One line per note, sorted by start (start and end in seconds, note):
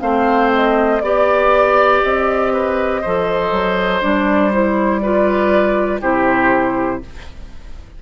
0.00 1.01 A3
0.00 1.00 C4
0.00 1.01 C5
0.00 0.50 F5
0.54 1.00 D#5
1.00 2.01 B3
1.00 3.03 G4
1.00 2.00 D5
1.00 2.53 D5
2.02 3.03 C4
2.02 4.02 D#5
2.53 3.01 B4
3.01 3.51 F3
3.01 4.01 A4
3.01 5.01 C5
3.51 4.01 F#3
4.01 6.01 G3
4.01 4.51 D4
4.01 4.52 D5
4.51 5.01 E4
4.51 4.98 C5
4.98 6.01 F4
4.98 6.01 B4
4.98 5.98 D5
6.01 7.01 C3
6.01 7.01 E4
6.01 7.01 G4
6.01 7.02 C5